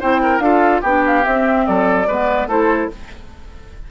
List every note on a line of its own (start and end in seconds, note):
0.00 0.39 C4
0.00 0.42 E4
0.00 0.21 C5
0.00 0.39 G5
0.22 0.43 A#4
0.39 0.81 D4
0.39 0.83 F4
0.39 0.81 A4
0.39 0.81 F5
0.81 1.25 B3
0.81 1.23 D4
0.81 1.64 G4
0.81 1.03 G5
1.06 1.25 F5
1.23 2.05 C4
1.23 1.67 C4
1.23 1.66 E5
1.66 2.07 F#3
1.66 2.07 A4
1.66 2.49 D5
2.07 2.46 G#3
2.07 2.49 B3
2.07 2.48 B4
2.46 2.88 A3
2.46 2.90 E4
2.46 2.89 A4
2.46 2.90 C5